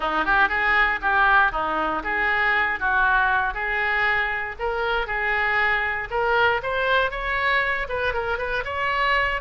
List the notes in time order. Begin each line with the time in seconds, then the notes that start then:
0.00 D#4
0.24 G4
0.48 G#4
1.01 G4
1.51 D#4
2.03 G#4
2.79 F#4
3.53 G#4
4.59 A#4
5.06 G#4
6.10 A#4
6.62 C5
7.10 C#5
7.88 B4
8.13 A#4
8.38 B4
8.64 C#5